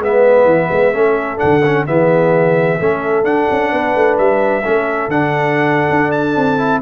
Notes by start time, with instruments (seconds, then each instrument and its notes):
0.00 tuba G#3, trombone B3, horn B4, trumpet E5
0.45 tuba E3
0.72 tuba G#3
0.93 tuba A3, trombone C#4, horn A4
1.38 trombone D4, trumpet F#5
1.44 tuba D3
1.66 trombone C#4
1.87 tuba E3, trombone B3, horn G#4, trumpet E5
2.80 tuba A3, trombone C#4, horn A4
3.25 tuba D4, trombone D4, trumpet F#5
3.51 tuba C#4
3.72 tuba B3, horn B4
3.96 tuba A3
4.18 tuba G3, trumpet E5
4.63 tuba A3, trombone C#4, horn A4
5.08 tuba D3, trombone D4, trumpet F#5
5.91 tuba D4
6.12 trumpet A5
6.37 tuba C4
6.58 trombone E4